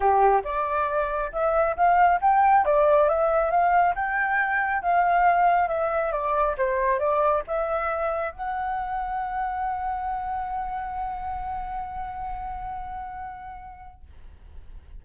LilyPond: \new Staff \with { instrumentName = "flute" } { \time 4/4 \tempo 4 = 137 g'4 d''2 e''4 | f''4 g''4 d''4 e''4 | f''4 g''2 f''4~ | f''4 e''4 d''4 c''4 |
d''4 e''2 fis''4~ | fis''1~ | fis''1~ | fis''1 | }